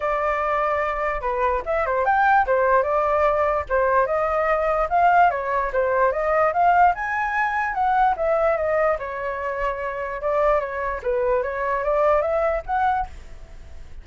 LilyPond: \new Staff \with { instrumentName = "flute" } { \time 4/4 \tempo 4 = 147 d''2. b'4 | e''8 c''8 g''4 c''4 d''4~ | d''4 c''4 dis''2 | f''4 cis''4 c''4 dis''4 |
f''4 gis''2 fis''4 | e''4 dis''4 cis''2~ | cis''4 d''4 cis''4 b'4 | cis''4 d''4 e''4 fis''4 | }